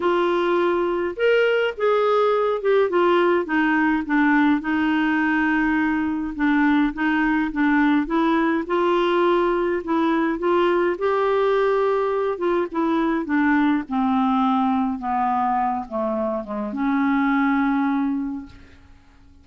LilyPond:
\new Staff \with { instrumentName = "clarinet" } { \time 4/4 \tempo 4 = 104 f'2 ais'4 gis'4~ | gis'8 g'8 f'4 dis'4 d'4 | dis'2. d'4 | dis'4 d'4 e'4 f'4~ |
f'4 e'4 f'4 g'4~ | g'4. f'8 e'4 d'4 | c'2 b4. a8~ | a8 gis8 cis'2. | }